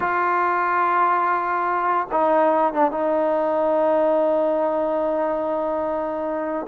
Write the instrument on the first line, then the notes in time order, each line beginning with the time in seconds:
trombone
0.00 F4
2.11 D#4
2.73 D4
2.91 D#4